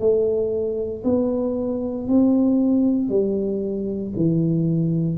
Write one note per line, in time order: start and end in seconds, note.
0.00 1.03 A3
1.04 2.08 B3
2.08 3.09 C4
3.09 4.13 G3
4.16 5.18 E3